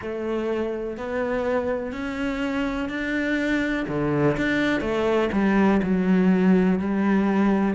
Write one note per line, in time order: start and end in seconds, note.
0.01 0.97 A3
0.97 1.92 B3
1.92 2.89 C#4
2.89 3.86 D4
3.88 4.36 D3
4.37 4.80 D4
4.80 5.29 A3
5.32 5.81 G3
5.82 6.79 F#3
6.79 7.75 G3